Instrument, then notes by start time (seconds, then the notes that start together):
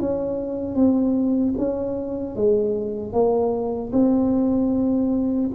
tuba
0.00 C#4
0.76 C4
1.58 C#4
2.36 G#3
3.13 A#3
3.93 C4